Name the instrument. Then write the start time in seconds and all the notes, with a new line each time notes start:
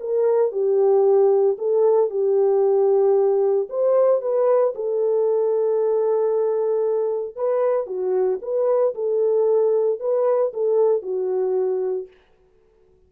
horn
0.00 A#4
0.51 G4
1.58 A4
2.10 G4
3.69 C5
4.21 B4
4.75 A4
7.36 B4
7.86 F#4
8.41 B4
8.94 A4
10.00 B4
10.53 A4
11.02 F#4